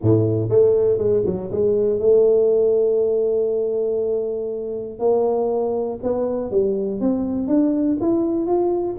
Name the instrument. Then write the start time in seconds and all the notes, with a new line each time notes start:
tuba
0.02 A2
0.49 A3
0.97 G#3
1.25 F#3
1.51 G#3
1.99 A3
4.99 A#3
6.02 B3
6.50 G3
7.00 C4
7.47 D4
8.00 E4
8.46 F4